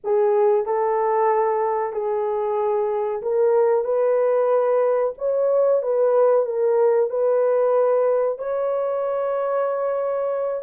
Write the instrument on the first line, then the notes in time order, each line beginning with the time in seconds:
horn
0.04 G#4
0.65 A4
1.92 G#4
3.22 A#4
3.84 B4
5.18 C#5
5.82 B4
6.45 A#4
7.10 B4
8.38 C#5